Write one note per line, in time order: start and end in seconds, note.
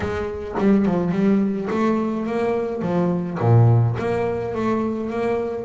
0.00 0.55 G#3
0.58 0.85 G3
0.85 1.11 F3
1.11 1.68 G3
1.70 2.26 A3
2.26 2.81 A#3
2.81 3.38 F3
3.39 3.96 A#2
3.99 4.54 A#3
4.54 5.09 A3
5.09 5.64 A#3